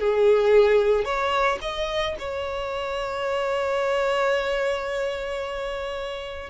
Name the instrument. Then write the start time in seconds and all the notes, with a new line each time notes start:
violin
0.00 G#4
1.05 C#5
1.62 D#5
2.19 C#5